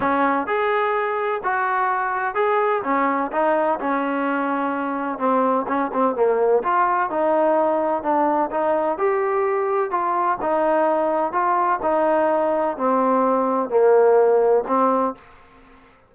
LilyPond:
\new Staff \with { instrumentName = "trombone" } { \time 4/4 \tempo 4 = 127 cis'4 gis'2 fis'4~ | fis'4 gis'4 cis'4 dis'4 | cis'2. c'4 | cis'8 c'8 ais4 f'4 dis'4~ |
dis'4 d'4 dis'4 g'4~ | g'4 f'4 dis'2 | f'4 dis'2 c'4~ | c'4 ais2 c'4 | }